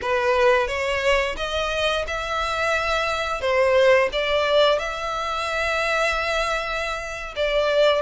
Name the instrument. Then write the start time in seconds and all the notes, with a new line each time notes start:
violin
0.01 B4
0.67 C#5
1.36 D#5
2.07 E5
3.41 C5
4.12 D5
4.78 E5
7.36 D5